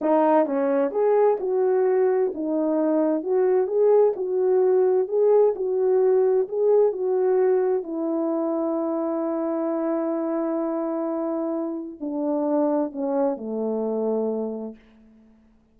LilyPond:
\new Staff \with { instrumentName = "horn" } { \time 4/4 \tempo 4 = 130 dis'4 cis'4 gis'4 fis'4~ | fis'4 dis'2 fis'4 | gis'4 fis'2 gis'4 | fis'2 gis'4 fis'4~ |
fis'4 e'2.~ | e'1~ | e'2 d'2 | cis'4 a2. | }